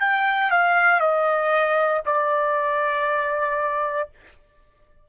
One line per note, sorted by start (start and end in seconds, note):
0.00 0.51 G5
0.51 1.00 F5
1.00 2.02 D#5
2.06 4.09 D5